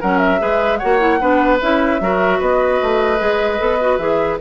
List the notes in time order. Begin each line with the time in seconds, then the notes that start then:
0.00 F#3 C#4 A#4 F#5
0.18 E5
0.39 G#3 G#4 B4
0.77 F#4 C#5 F#5
0.83 A#3
0.99 E4
1.20 B3 D4 B4
1.61 C#4 E4 E5
2.00 F#3 F#4 A#4
2.38 B3 B4 D#5
2.82 A3
3.18 G#3 G#4
3.58 B3 A4
3.80 F#4
3.97 E3 G#4 E5